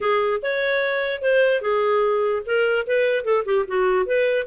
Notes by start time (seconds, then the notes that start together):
0.00 G#4
0.42 C#5
1.22 C5
1.61 G#4
2.46 A#4
2.87 B4
3.24 A4
3.45 G4
3.67 F#4
4.06 B4